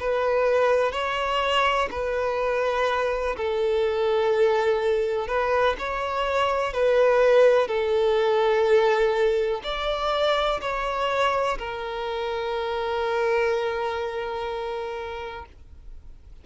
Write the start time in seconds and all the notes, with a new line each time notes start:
0.00 B4
0.92 C#5
1.91 B4
3.37 A4
5.27 B4
5.78 C#5
6.73 B4
7.68 A4
9.64 D5
10.61 C#5
11.59 A#4